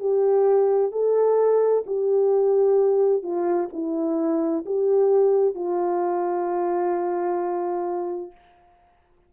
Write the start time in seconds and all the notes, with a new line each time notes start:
0.00 G4
0.92 A4
1.87 G4
3.23 F4
3.73 E4
4.66 G4
5.55 F4